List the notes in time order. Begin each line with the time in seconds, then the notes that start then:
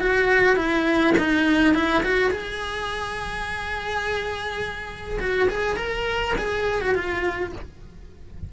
0.00 F#4
0.56 E4
1.17 D#4
1.74 E4
2.03 F#4
2.31 G#4
5.19 F#4
5.49 G#4
5.76 A#4
6.38 G#4
6.81 F#4
6.94 F4